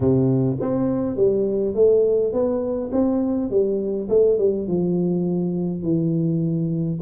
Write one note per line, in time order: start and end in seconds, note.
0.00 0.57 C3
0.60 1.16 C4
1.16 1.74 G3
1.74 2.32 A3
2.32 2.90 B3
2.92 3.50 C4
3.50 4.08 G3
4.09 4.38 A3
4.38 4.67 G3
4.67 5.83 F3
5.83 6.99 E3